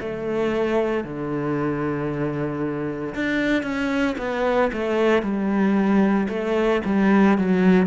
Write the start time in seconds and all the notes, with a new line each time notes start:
0.00 A3
1.04 D3
3.15 D4
3.63 C#4
4.18 B3
4.73 A3
5.22 G3
6.29 A3
6.85 G3
7.38 F#3